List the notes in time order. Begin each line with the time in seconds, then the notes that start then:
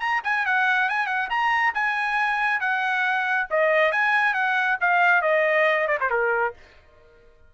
0.00 A#5
0.24 G#5
0.46 F#5
0.89 G#5
1.07 F#5
1.30 A#5
1.75 G#5
2.61 F#5
3.51 D#5
3.92 G#5
4.34 F#5
4.81 F5
5.22 D#5
5.88 D5
6.00 C5
6.10 A#4